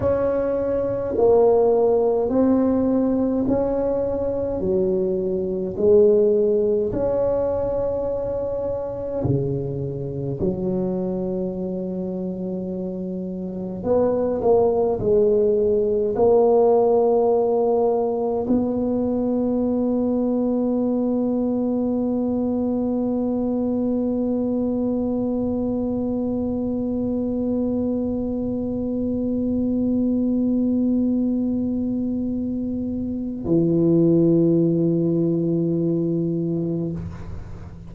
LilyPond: \new Staff \with { instrumentName = "tuba" } { \time 4/4 \tempo 4 = 52 cis'4 ais4 c'4 cis'4 | fis4 gis4 cis'2 | cis4 fis2. | b8 ais8 gis4 ais2 |
b1~ | b1~ | b1~ | b4 e2. | }